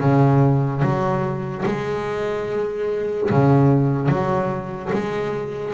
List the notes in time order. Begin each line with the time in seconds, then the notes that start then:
0.00 C#3
0.82 F#3
1.66 G#3
3.30 C#3
4.08 F#3
4.93 G#3